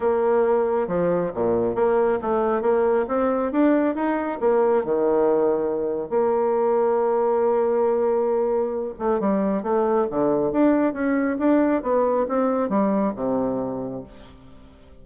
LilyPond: \new Staff \with { instrumentName = "bassoon" } { \time 4/4 \tempo 4 = 137 ais2 f4 ais,4 | ais4 a4 ais4 c'4 | d'4 dis'4 ais4 dis4~ | dis2 ais2~ |
ais1~ | ais8 a8 g4 a4 d4 | d'4 cis'4 d'4 b4 | c'4 g4 c2 | }